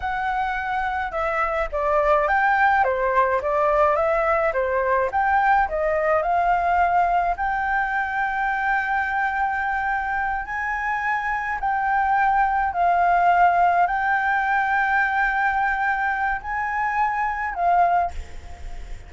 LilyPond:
\new Staff \with { instrumentName = "flute" } { \time 4/4 \tempo 4 = 106 fis''2 e''4 d''4 | g''4 c''4 d''4 e''4 | c''4 g''4 dis''4 f''4~ | f''4 g''2.~ |
g''2~ g''8 gis''4.~ | gis''8 g''2 f''4.~ | f''8 g''2.~ g''8~ | g''4 gis''2 f''4 | }